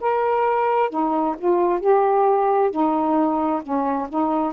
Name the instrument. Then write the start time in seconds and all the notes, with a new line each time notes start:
saxophone
0.00 A#4
0.90 D#4
1.38 F4
1.80 G4
2.71 D#4
3.62 C#4
4.09 D#4